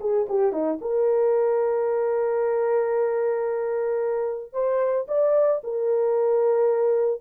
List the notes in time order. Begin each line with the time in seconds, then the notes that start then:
0.00 G#4
0.29 G4
0.52 D#4
0.81 A#4
4.52 C5
5.08 D5
5.63 A#4